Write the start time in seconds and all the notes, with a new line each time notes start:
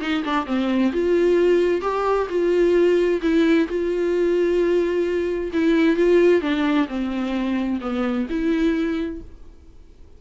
0.00 D#4
0.24 D4
0.46 C4
0.92 F4
1.81 G4
2.29 F4
3.21 E4
3.67 F4
5.53 E4
5.96 F4
6.41 D4
6.88 C4
7.80 B3
8.29 E4